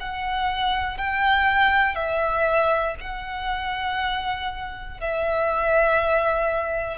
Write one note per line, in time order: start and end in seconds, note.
0.00 0.98 F#5
0.98 1.95 G5
1.95 2.95 E5
3.01 5.00 F#5
5.00 6.98 E5